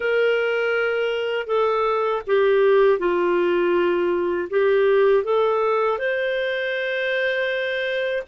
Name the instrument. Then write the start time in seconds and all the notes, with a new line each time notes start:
clarinet
0.00 A#4
1.47 A4
2.26 G4
2.98 F4
4.50 G4
5.24 A4
5.98 C5